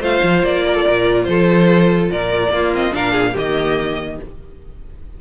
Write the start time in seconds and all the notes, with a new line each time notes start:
0.00 A3 F4 C5 F5
0.23 F3
0.43 A#3 D5
0.67 A#4
0.75 A4
0.84 A#2 A#4
1.24 F3 A4 C5
2.11 A#2 A#4 D5
2.50 A#3 F4
2.74 C4 D#5
2.92 A#2 D4 A#4 F5
3.12 G#4
3.32 D#3 A#3 G4 D#5